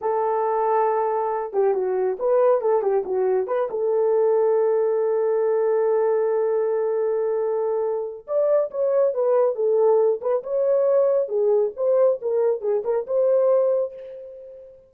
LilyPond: \new Staff \with { instrumentName = "horn" } { \time 4/4 \tempo 4 = 138 a'2.~ a'8 g'8 | fis'4 b'4 a'8 g'8 fis'4 | b'8 a'2.~ a'8~ | a'1~ |
a'2. d''4 | cis''4 b'4 a'4. b'8 | cis''2 gis'4 c''4 | ais'4 gis'8 ais'8 c''2 | }